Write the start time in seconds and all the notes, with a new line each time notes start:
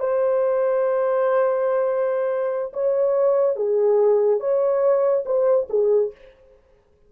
0.00 C5
2.74 C#5
3.57 G#4
4.41 C#5
5.26 C5
5.70 G#4